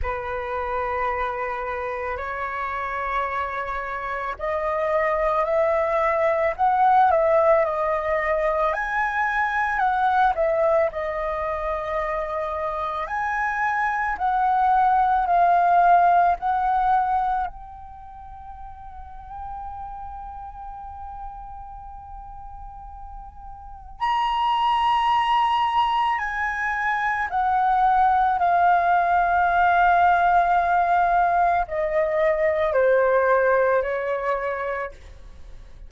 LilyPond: \new Staff \with { instrumentName = "flute" } { \time 4/4 \tempo 4 = 55 b'2 cis''2 | dis''4 e''4 fis''8 e''8 dis''4 | gis''4 fis''8 e''8 dis''2 | gis''4 fis''4 f''4 fis''4 |
g''1~ | g''2 ais''2 | gis''4 fis''4 f''2~ | f''4 dis''4 c''4 cis''4 | }